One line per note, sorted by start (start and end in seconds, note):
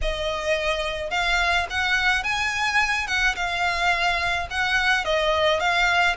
0.01 1.10 D#5
1.10 1.66 F5
1.70 2.23 F#5
2.23 3.07 G#5
3.07 3.35 F#5
3.35 4.47 F5
4.50 5.05 F#5
5.05 5.60 D#5
5.60 6.16 F5